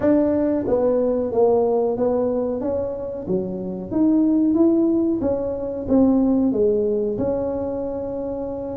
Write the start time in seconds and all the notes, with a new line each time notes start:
0.00 D4
0.67 B3
1.32 A#3
1.97 B3
2.61 C#4
3.27 F#3
3.91 D#4
4.54 E4
5.21 C#4
5.88 C4
6.52 G#3
7.18 C#4